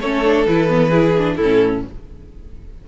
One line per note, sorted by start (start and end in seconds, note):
0.00 0.46 A3
0.00 0.25 C#4
0.00 0.89 A4
0.00 0.45 C#5
0.25 0.47 D4
0.46 1.38 E3
0.46 0.68 E4
0.46 1.35 B4
0.68 0.91 B3
0.89 1.15 E4
0.89 1.34 G#4
1.17 1.40 D4
1.35 1.84 A2
1.35 1.81 E4
1.35 1.81 A4
1.42 1.87 C#4